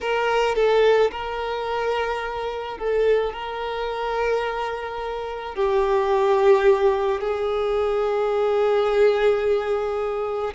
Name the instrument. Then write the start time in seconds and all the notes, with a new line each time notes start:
violin
0.00 A#4
0.55 A4
1.11 A#4
2.78 A4
3.33 A#4
5.55 G4
7.20 G#4